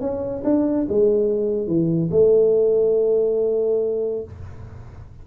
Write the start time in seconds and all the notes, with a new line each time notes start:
0.00 C#4
0.44 D4
0.88 G#3
1.67 E3
2.11 A3